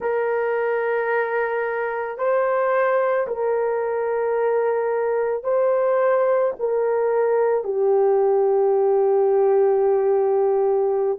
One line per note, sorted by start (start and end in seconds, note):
0.00 2.18 A#4
2.18 3.27 C5
3.27 5.43 A#4
5.43 6.52 C5
6.59 7.64 A#4
7.64 11.18 G4